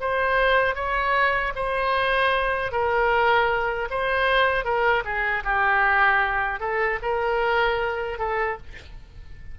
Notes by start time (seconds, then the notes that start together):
0.00 C5
0.75 C#5
1.55 C5
2.72 A#4
3.90 C5
4.64 A#4
5.04 G#4
5.44 G4
6.60 A4
7.02 A#4
8.18 A4